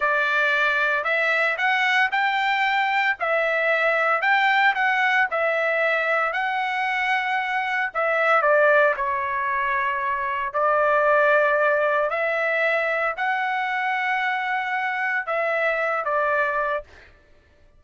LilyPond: \new Staff \with { instrumentName = "trumpet" } { \time 4/4 \tempo 4 = 114 d''2 e''4 fis''4 | g''2 e''2 | g''4 fis''4 e''2 | fis''2. e''4 |
d''4 cis''2. | d''2. e''4~ | e''4 fis''2.~ | fis''4 e''4. d''4. | }